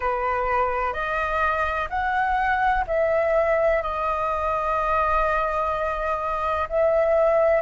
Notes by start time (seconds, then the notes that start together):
0.00 B4
0.93 D#5
1.89 F#5
2.87 E5
3.82 D#5
6.69 E5